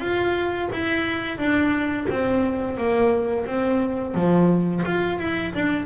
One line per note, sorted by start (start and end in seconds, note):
0.00 0.69 F4
0.73 1.38 E4
1.38 2.07 D4
2.10 2.77 C4
2.77 3.46 A#3
3.46 4.14 C4
4.14 4.83 F3
4.85 5.19 F4
5.19 5.54 E4
5.55 5.86 D4